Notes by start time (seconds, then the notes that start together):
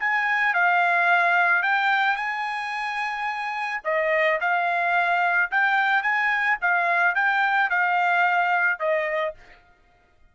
0.00 G#5
0.54 F5
1.63 G5
2.16 G#5
3.84 D#5
4.41 F5
5.51 G5
6.03 G#5
6.62 F5
7.15 G5
7.70 F5
8.79 D#5